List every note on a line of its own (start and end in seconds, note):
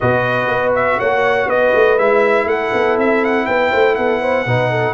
0.00 0.48 B2
0.00 1.98 F#4
0.00 0.98 B4
0.00 0.72 D#5
0.48 0.98 B3
0.75 0.99 E5
0.98 1.47 A#3
0.98 1.48 C#5
0.98 1.49 F#5
1.47 1.72 B3
1.47 2.47 B4
1.47 1.98 D#5
1.74 1.99 A3
1.98 2.45 G#3
1.98 4.46 E4
1.98 2.48 E5
2.45 2.70 A3
2.45 3.47 A4
2.45 2.97 F#5
2.73 2.97 B3
2.97 3.46 C4
2.97 3.24 E5
3.24 3.46 F#5
3.46 3.72 B3
3.46 3.70 B4
3.46 3.95 G5
3.70 3.97 A3
3.70 3.95 C5
3.95 4.46 B3
3.95 4.21 A4
3.95 4.94 F#5
4.21 4.46 C5
4.46 4.94 B2
4.46 4.94 D#4
4.46 4.70 B4
4.70 4.94 A4